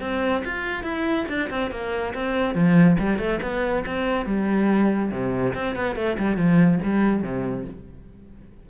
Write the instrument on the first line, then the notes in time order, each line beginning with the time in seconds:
cello
0.00 C4
0.44 F4
0.83 E4
1.28 D4
1.49 C4
1.71 A#3
2.14 C4
2.54 F3
2.99 G3
3.18 A3
3.42 B3
3.85 C4
4.26 G3
5.11 C3
5.54 C4
5.75 B3
5.95 A3
6.18 G3
6.36 F3
6.83 G3
7.22 C3